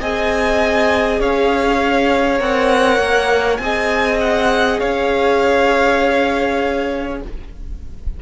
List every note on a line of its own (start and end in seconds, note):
0.00 1.20 C4
0.00 2.38 G#4
0.00 1.20 D#5
0.00 1.21 G#5
1.20 2.40 C#4
1.20 3.60 C#5
1.20 2.41 F5
2.38 2.99 C4
2.38 3.58 A#4
2.38 3.57 F#5
2.99 3.58 A#3
3.57 4.79 C4
3.57 7.21 G#4
3.57 4.79 D#5
3.57 4.17 G#5
4.20 4.79 F#5
4.79 7.22 C#4
4.79 7.19 C#5
4.79 7.19 F5